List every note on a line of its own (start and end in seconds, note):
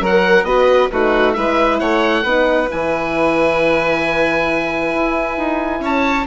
0.00 0.43 F#3
0.00 0.46 A#4
0.00 0.45 A#4
0.00 0.44 F#5
0.43 0.87 B3
0.43 0.90 F#4
0.43 0.91 B4
0.43 0.88 D#5
0.91 1.37 A3
0.91 1.35 D#4
0.91 1.36 F#4
0.91 1.33 B4
1.33 1.80 G#3
1.33 2.24 E4
1.33 1.79 B4
1.33 1.78 E5
1.79 2.24 A3
1.79 2.23 C#5
1.79 2.69 F#5
2.23 2.68 B3
2.23 2.69 D#4
2.23 5.81 B4
2.69 4.94 E3
2.69 6.27 E4
2.69 5.84 G#5
4.94 5.37 E4
5.37 5.80 D#4
5.80 6.25 C#4
5.80 6.26 C#5
5.80 6.27 A5